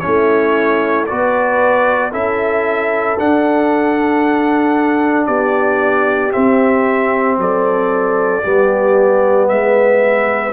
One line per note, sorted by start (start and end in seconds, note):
0.00 1.07 C#4
0.00 1.09 E4
0.00 1.05 C#5
0.06 1.11 A3
1.07 2.13 B3
1.07 2.12 F#4
1.07 2.12 B4
1.07 2.12 D5
2.12 3.19 C#4
2.12 3.17 E4
2.12 5.27 A4
2.12 3.19 E5
3.19 6.32 D4
3.19 5.28 D4
3.19 5.27 F#5
5.27 6.33 B3
5.27 7.38 G4
5.27 6.32 D5
6.32 8.42 C4
6.32 7.38 C4
6.32 7.38 E5
7.38 8.43 F#3
7.38 8.44 A4
7.38 9.49 D5
8.43 9.51 G3
8.43 10.53 B3
8.43 9.49 G4
9.49 10.53 G#3
9.49 10.53 B4
9.49 10.53 E5